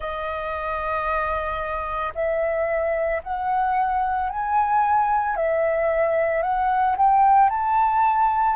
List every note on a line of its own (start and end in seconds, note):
0.00 2.13 D#5
2.14 3.21 E5
3.23 4.29 F#5
4.29 5.36 G#5
5.36 6.42 E5
6.42 6.96 F#5
6.97 7.50 G5
7.50 8.56 A5